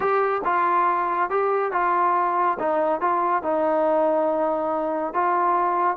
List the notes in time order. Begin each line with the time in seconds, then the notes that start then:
0.00 G4
0.44 F4
1.30 G4
1.72 F4
2.59 D#4
3.00 F4
3.42 D#4
5.13 F4